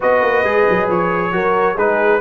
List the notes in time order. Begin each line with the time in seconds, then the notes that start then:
0.00 B3 F#4 B4 D#5
0.22 A#3
0.43 G#3 G#4
0.69 F#3
0.89 F3 C#5
1.31 F#3 F#4 A#4
1.75 G#3 D#4 G#4 B4